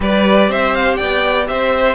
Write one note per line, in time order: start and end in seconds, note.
0.00 0.48 G3
0.00 1.94 G4
0.00 0.49 B4
0.00 0.51 D5
0.48 0.97 C4
0.48 0.97 C5
0.48 0.75 E5
0.75 0.95 F5
0.95 1.47 D5
0.95 1.44 G5
1.01 1.49 B3
1.47 1.94 C4
1.47 1.94 C5
1.47 1.94 E5